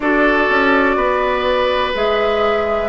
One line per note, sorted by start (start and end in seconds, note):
0.00 0.47 D4
0.00 1.94 F#4
0.00 0.97 A4
0.00 1.92 D5
0.49 0.96 C#4
0.96 1.92 B3
0.96 2.89 B4
1.94 2.89 G#3
1.94 2.89 G#4
1.94 2.89 E5